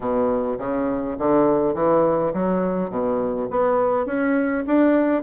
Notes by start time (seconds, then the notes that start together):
0.00 B2
0.58 C#3
1.18 D3
1.74 E3
2.33 F#3
2.90 B2
3.50 B3
4.06 C#4
4.67 D4